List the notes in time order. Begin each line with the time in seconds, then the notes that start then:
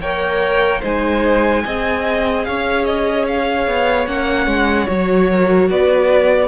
0.00 A#3 A#4 C#5 G5
0.81 G#3 D#4 C5 G#5
1.65 C4 G#4 D#5
2.44 C#4 C#5 F5
2.84 D#5
3.28 F5
3.67 B3
4.06 A#3 C#4 F#5
4.46 G#3
4.87 F#3 F#4 C#5
5.30 A#4
5.70 B3 B4 D5